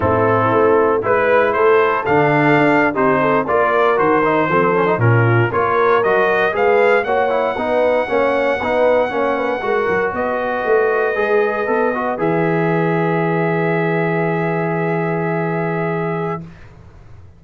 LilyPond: <<
  \new Staff \with { instrumentName = "trumpet" } { \time 4/4 \tempo 4 = 117 a'2 b'4 c''4 | f''4.~ f''16 c''4 d''4 c''16~ | c''4.~ c''16 ais'4 cis''4 dis''16~ | dis''8. f''4 fis''2~ fis''16~ |
fis''2.~ fis''8. dis''16~ | dis''2.~ dis''8. e''16~ | e''1~ | e''1 | }
  \new Staff \with { instrumentName = "horn" } { \time 4/4 e'2 b'4 a'4~ | a'4.~ a'16 g'8 a'8 ais'4~ ais'16~ | ais'8. a'4 f'4 ais'4~ ais'16~ | ais'8. b'4 cis''4 b'4 cis''16~ |
cis''8. b'4 cis''8 b'8 ais'4 b'16~ | b'1~ | b'1~ | b'1 | }
  \new Staff \with { instrumentName = "trombone" } { \time 4/4 c'2 e'2 | d'4.~ d'16 dis'4 f'4 fis'16~ | fis'16 dis'8 c'8 cis'16 dis'16 cis'4 f'4 fis'16~ | fis'8. gis'4 fis'8 e'8 dis'4 cis'16~ |
cis'8. dis'4 cis'4 fis'4~ fis'16~ | fis'4.~ fis'16 gis'4 a'8 fis'8 gis'16~ | gis'1~ | gis'1 | }
  \new Staff \with { instrumentName = "tuba" } { \time 4/4 a,4 a4 gis4 a4 | d4 d'8. c'4 ais4 dis16~ | dis8. f4 ais,4 ais4 fis16~ | fis8. gis4 ais4 b4 ais16~ |
ais8. b4 ais4 gis8 fis8 b16~ | b8. a4 gis4 b4 e16~ | e1~ | e1 | }
>>